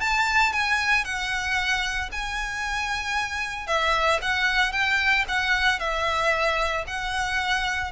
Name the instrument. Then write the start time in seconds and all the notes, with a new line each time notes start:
violin
0.00 A5
0.52 G#5
1.04 F#5
2.11 G#5
3.67 E5
4.22 F#5
4.72 G5
5.28 F#5
5.79 E5
6.87 F#5